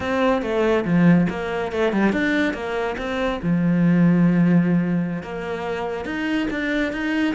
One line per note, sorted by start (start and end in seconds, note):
0.00 0.42 C4
0.42 0.84 A3
0.84 1.27 F3
1.29 1.72 A#3
1.72 1.92 A3
1.92 2.12 G3
2.12 2.53 D4
2.53 2.96 A#3
2.97 3.40 C4
3.42 5.22 F3
5.22 6.05 A#3
6.05 6.47 D#4
6.50 6.92 D4
6.92 7.34 D#4